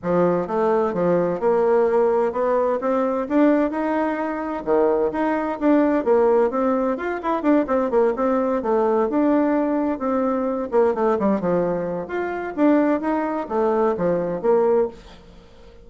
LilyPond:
\new Staff \with { instrumentName = "bassoon" } { \time 4/4 \tempo 4 = 129 f4 a4 f4 ais4~ | ais4 b4 c'4 d'4 | dis'2 dis4 dis'4 | d'4 ais4 c'4 f'8 e'8 |
d'8 c'8 ais8 c'4 a4 d'8~ | d'4. c'4. ais8 a8 | g8 f4. f'4 d'4 | dis'4 a4 f4 ais4 | }